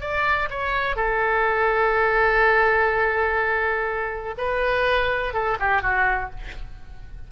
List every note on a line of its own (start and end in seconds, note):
0.00 0.48 D5
0.49 0.95 C#5
0.95 4.34 A4
4.37 5.33 B4
5.33 5.57 A4
5.59 5.82 G4
5.82 6.30 F#4